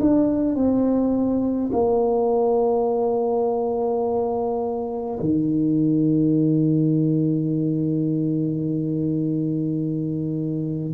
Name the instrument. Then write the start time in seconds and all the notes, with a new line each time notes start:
tuba
0.00 D4
0.55 C4
1.73 A#3
5.20 D#3